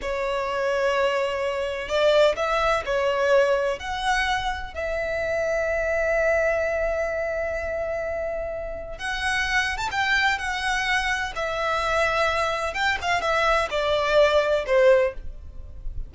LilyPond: \new Staff \with { instrumentName = "violin" } { \time 4/4 \tempo 4 = 127 cis''1 | d''4 e''4 cis''2 | fis''2 e''2~ | e''1~ |
e''2. fis''4~ | fis''8. a''16 g''4 fis''2 | e''2. g''8 f''8 | e''4 d''2 c''4 | }